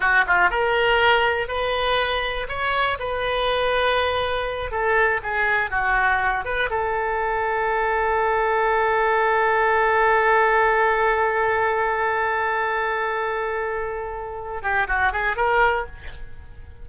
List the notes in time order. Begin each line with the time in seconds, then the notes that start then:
0.00 F#4
0.26 F4
0.50 A#4
1.48 B4
2.48 C#5
2.99 B4
4.71 A4
5.22 G#4
5.70 F#4
6.44 B4
6.69 A4
14.62 G4
14.87 F#4
15.12 G#4
15.36 A#4